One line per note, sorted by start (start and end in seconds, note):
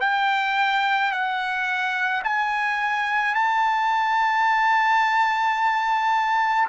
0.00 1.11 G5
1.11 2.22 F#5
2.24 3.34 G#5
3.34 6.68 A5